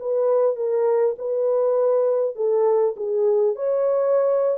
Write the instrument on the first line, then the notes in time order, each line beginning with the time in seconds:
horn
0.00 B4
0.56 A#4
1.19 B4
2.36 A4
2.97 G#4
3.56 C#5